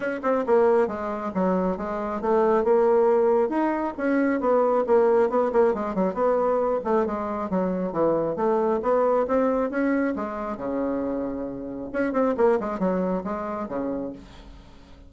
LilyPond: \new Staff \with { instrumentName = "bassoon" } { \time 4/4 \tempo 4 = 136 cis'8 c'8 ais4 gis4 fis4 | gis4 a4 ais2 | dis'4 cis'4 b4 ais4 | b8 ais8 gis8 fis8 b4. a8 |
gis4 fis4 e4 a4 | b4 c'4 cis'4 gis4 | cis2. cis'8 c'8 | ais8 gis8 fis4 gis4 cis4 | }